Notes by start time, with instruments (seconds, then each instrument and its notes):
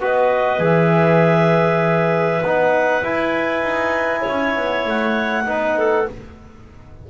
0.00 double bass B3, trombone F#4, clarinet B4 D#5
0.59 double bass E3, trombone G#4, clarinet E5
2.42 double bass B3, trombone D#4, clarinet F#5
3.03 trombone E4, double bass E4, clarinet G#5
3.62 double bass D#4
4.21 clarinet C#5
4.29 double bass C#4
4.56 double bass B3
4.85 double bass A3, clarinet F#5
5.45 double bass B3, trombone D#4, clarinet B4
5.78 clarinet A4